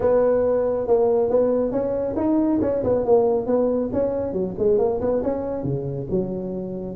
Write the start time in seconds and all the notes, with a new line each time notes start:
0.00 B3
0.87 A#3
1.29 B3
1.71 C#4
2.16 D#4
2.61 C#4
2.83 B3
3.05 A#3
3.46 B3
3.92 C#4
4.32 F#3
4.58 G#3
4.78 A#3
5.00 B3
5.22 C#4
5.63 C#3
6.10 F#3